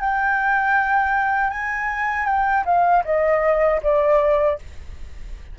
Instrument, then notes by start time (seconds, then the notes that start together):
flute
0.00 G5
1.50 G#5
2.26 G5
2.65 F5
3.04 D#5
3.83 D5